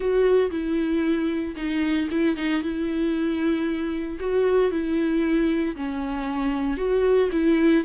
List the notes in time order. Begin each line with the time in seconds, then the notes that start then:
0.00 F#4
0.51 E4
1.56 D#4
2.10 E4
2.36 D#4
2.62 E4
4.19 F#4
4.71 E4
5.76 C#4
6.77 F#4
7.32 E4